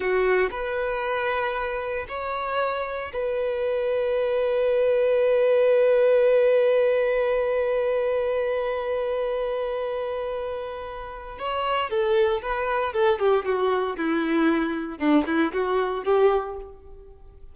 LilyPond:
\new Staff \with { instrumentName = "violin" } { \time 4/4 \tempo 4 = 116 fis'4 b'2. | cis''2 b'2~ | b'1~ | b'1~ |
b'1~ | b'2 cis''4 a'4 | b'4 a'8 g'8 fis'4 e'4~ | e'4 d'8 e'8 fis'4 g'4 | }